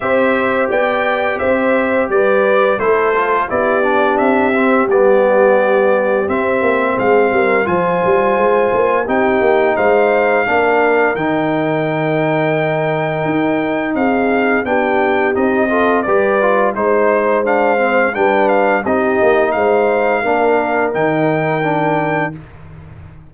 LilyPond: <<
  \new Staff \with { instrumentName = "trumpet" } { \time 4/4 \tempo 4 = 86 e''4 g''4 e''4 d''4 | c''4 d''4 e''4 d''4~ | d''4 e''4 f''4 gis''4~ | gis''4 g''4 f''2 |
g''1 | f''4 g''4 dis''4 d''4 | c''4 f''4 g''8 f''8 dis''4 | f''2 g''2 | }
  \new Staff \with { instrumentName = "horn" } { \time 4/4 c''4 d''4 c''4 b'4 | a'4 g'2.~ | g'2 gis'8 ais'8 c''4~ | c''4 g'4 c''4 ais'4~ |
ais'1 | gis'4 g'4. a'8 b'4 | c''2 b'4 g'4 | c''4 ais'2. | }
  \new Staff \with { instrumentName = "trombone" } { \time 4/4 g'1 | e'8 f'8 e'8 d'4 c'8 b4~ | b4 c'2 f'4~ | f'4 dis'2 d'4 |
dis'1~ | dis'4 d'4 dis'8 f'8 g'8 f'8 | dis'4 d'8 c'8 d'4 dis'4~ | dis'4 d'4 dis'4 d'4 | }
  \new Staff \with { instrumentName = "tuba" } { \time 4/4 c'4 b4 c'4 g4 | a4 b4 c'4 g4~ | g4 c'8 ais8 gis8 g8 f8 g8 | gis8 ais8 c'8 ais8 gis4 ais4 |
dis2. dis'4 | c'4 b4 c'4 g4 | gis2 g4 c'8 ais8 | gis4 ais4 dis2 | }
>>